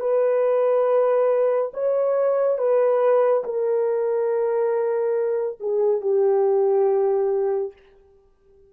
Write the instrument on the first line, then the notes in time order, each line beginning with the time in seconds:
horn
0.00 B4
1.74 C#5
2.58 B4
3.44 A#4
5.60 G#4
6.02 G4